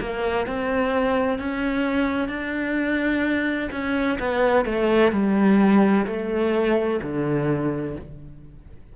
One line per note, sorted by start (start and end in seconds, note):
0.00 0.47 A#3
0.47 1.39 C4
1.39 2.28 C#4
2.28 3.69 D4
3.72 4.18 C#4
4.19 4.65 B3
4.65 5.12 A3
5.12 6.06 G3
6.06 7.00 A3
7.02 7.96 D3